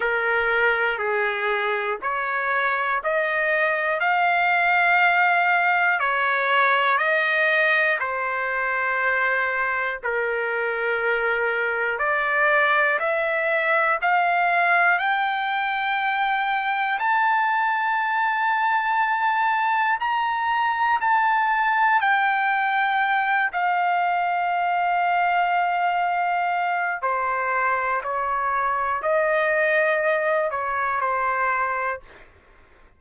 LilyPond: \new Staff \with { instrumentName = "trumpet" } { \time 4/4 \tempo 4 = 60 ais'4 gis'4 cis''4 dis''4 | f''2 cis''4 dis''4 | c''2 ais'2 | d''4 e''4 f''4 g''4~ |
g''4 a''2. | ais''4 a''4 g''4. f''8~ | f''2. c''4 | cis''4 dis''4. cis''8 c''4 | }